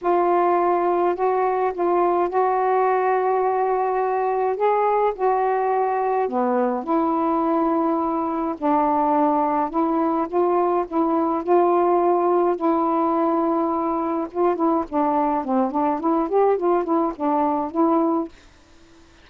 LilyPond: \new Staff \with { instrumentName = "saxophone" } { \time 4/4 \tempo 4 = 105 f'2 fis'4 f'4 | fis'1 | gis'4 fis'2 b4 | e'2. d'4~ |
d'4 e'4 f'4 e'4 | f'2 e'2~ | e'4 f'8 e'8 d'4 c'8 d'8 | e'8 g'8 f'8 e'8 d'4 e'4 | }